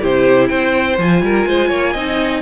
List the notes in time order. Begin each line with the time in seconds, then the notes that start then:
0.00 C3 E4 G4 C5
0.47 C4 C5 G5
0.98 F3 F4 G#5
1.21 G3 A#4
1.46 G#3 C5
1.68 A#3 C#5
1.92 C4 D#4 D#5